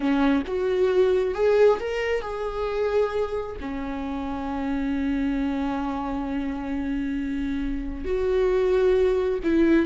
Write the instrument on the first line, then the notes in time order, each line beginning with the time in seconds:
viola
0.00 C#4
0.46 F#4
1.34 G#4
1.79 A#4
2.21 G#4
3.60 C#4
8.04 F#4
9.43 E4